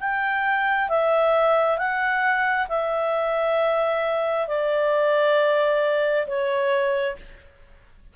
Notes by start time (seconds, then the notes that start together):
0.00 G5
0.89 E5
1.77 F#5
2.68 E5
4.47 D5
6.26 C#5